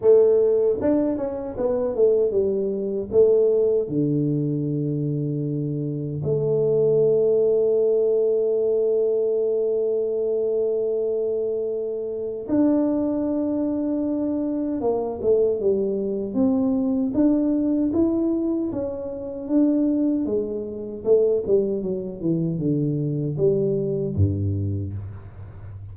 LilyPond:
\new Staff \with { instrumentName = "tuba" } { \time 4/4 \tempo 4 = 77 a4 d'8 cis'8 b8 a8 g4 | a4 d2. | a1~ | a1 |
d'2. ais8 a8 | g4 c'4 d'4 e'4 | cis'4 d'4 gis4 a8 g8 | fis8 e8 d4 g4 g,4 | }